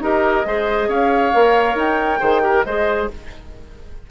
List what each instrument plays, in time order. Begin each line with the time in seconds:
0.00 bassoon D#4, clarinet G4, oboe A#4, flute D#5
0.45 bassoon G#3, clarinet G#4, oboe C5
0.88 bassoon C#4, oboe C#5, flute F5
1.33 bassoon A#3, clarinet A#4
1.75 bassoon D#4, flute G5
2.20 bassoon D#3, clarinet G#4, oboe C5
2.42 clarinet G4, oboe A#4
2.64 bassoon G#3, clarinet G#4, oboe C5, flute D#5